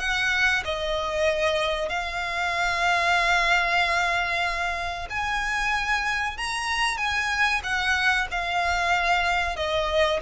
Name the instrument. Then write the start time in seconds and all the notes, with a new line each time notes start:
violin
0.00 F#5
0.65 D#5
1.89 F5
5.10 G#5
6.38 A#5
6.98 G#5
7.64 F#5
8.32 F5
9.57 D#5